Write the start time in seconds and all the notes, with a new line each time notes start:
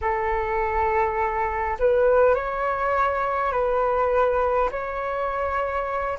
0.01 A4
1.79 B4
2.35 C#5
3.52 B4
4.71 C#5